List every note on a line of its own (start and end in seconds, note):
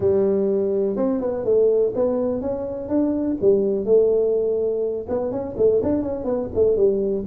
0.00 0.96 G3
0.96 1.20 C4
1.21 1.45 B3
1.45 1.93 A3
1.95 2.41 B3
2.41 2.88 C#4
2.88 3.37 D4
3.41 3.85 G3
3.85 5.06 A3
5.08 5.31 B3
5.31 5.55 C#4
5.57 5.81 A3
5.82 6.02 D4
6.02 6.24 C#4
6.24 6.48 B3
6.54 6.76 A3
6.76 7.24 G3